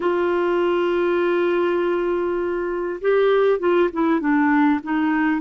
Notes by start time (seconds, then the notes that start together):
0.00 F4
3.01 G4
3.59 F4
3.92 E4
4.20 D4
4.83 D#4